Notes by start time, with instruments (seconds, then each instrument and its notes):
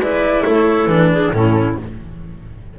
0.00 double bass G#3, cello E4, clarinet B4, flute D5
0.44 double bass A3, clarinet A4, flute C#5
0.87 double bass E3, cello D4, flute B4
1.12 clarinet G#4
1.32 double bass A2, cello C#4, clarinet E4, flute A4